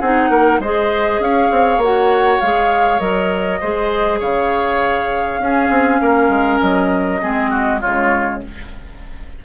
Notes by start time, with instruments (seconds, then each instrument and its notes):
0.00 bassoon C4, clarinet D#4, oboe G#4, flute F#5
0.30 bassoon A#3, oboe A#4
0.59 bassoon G#3, clarinet G#4, oboe C5, flute D#5
1.20 bassoon C#4, oboe C#5, flute F5
1.51 bassoon C4
1.78 bassoon A#3
1.84 clarinet F#4, flute F#5
2.41 bassoon G#3, clarinet G#4, flute F5
3.00 bassoon F#3, clarinet A#4, flute D#5
3.61 bassoon G#3, clarinet G#4, oboe C5
4.20 bassoon C#3, oboe C#5, flute F5
5.39 bassoon C#4, clarinet C#4, oboe G#4
5.70 bassoon C4
6.01 bassoon A#3, oboe A#4
6.29 bassoon G#3
6.60 bassoon F#3, flute D#5
7.21 bassoon G#3, clarinet C4, oboe G#4
7.50 oboe F#4
7.81 bassoon C#3, clarinet G#3, oboe F4, flute C#5